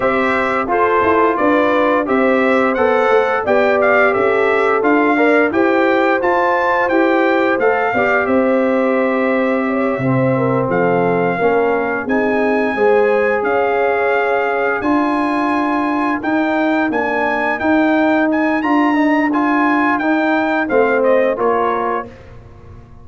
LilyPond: <<
  \new Staff \with { instrumentName = "trumpet" } { \time 4/4 \tempo 4 = 87 e''4 c''4 d''4 e''4 | fis''4 g''8 f''8 e''4 f''4 | g''4 a''4 g''4 f''4 | e''2.~ e''8 f''8~ |
f''4. gis''2 f''8~ | f''4. gis''2 g''8~ | g''8 gis''4 g''4 gis''8 ais''4 | gis''4 g''4 f''8 dis''8 cis''4 | }
  \new Staff \with { instrumentName = "horn" } { \time 4/4 c''4 a'4 b'4 c''4~ | c''4 d''4 a'4. d''8 | c''2.~ c''8 d''8 | c''2 cis''8 c''8 ais'8 a'8~ |
a'8 ais'4 gis'4 c''4 cis''8~ | cis''4. ais'2~ ais'8~ | ais'1~ | ais'2 c''4 ais'4 | }
  \new Staff \with { instrumentName = "trombone" } { \time 4/4 g'4 f'2 g'4 | a'4 g'2 f'8 ais'8 | g'4 f'4 g'4 a'8 g'8~ | g'2~ g'8 c'4.~ |
c'8 cis'4 dis'4 gis'4.~ | gis'4. f'2 dis'8~ | dis'8 d'4 dis'4. f'8 dis'8 | f'4 dis'4 c'4 f'4 | }
  \new Staff \with { instrumentName = "tuba" } { \time 4/4 c'4 f'8 e'8 d'4 c'4 | b8 a8 b4 cis'4 d'4 | e'4 f'4 e'4 a8 b8 | c'2~ c'8 c4 f8~ |
f8 ais4 c'4 gis4 cis'8~ | cis'4. d'2 dis'8~ | dis'8 ais4 dis'4. d'4~ | d'4 dis'4 a4 ais4 | }
>>